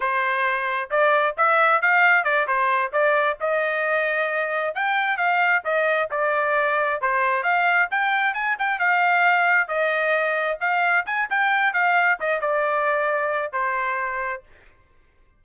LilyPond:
\new Staff \with { instrumentName = "trumpet" } { \time 4/4 \tempo 4 = 133 c''2 d''4 e''4 | f''4 d''8 c''4 d''4 dis''8~ | dis''2~ dis''8 g''4 f''8~ | f''8 dis''4 d''2 c''8~ |
c''8 f''4 g''4 gis''8 g''8 f''8~ | f''4. dis''2 f''8~ | f''8 gis''8 g''4 f''4 dis''8 d''8~ | d''2 c''2 | }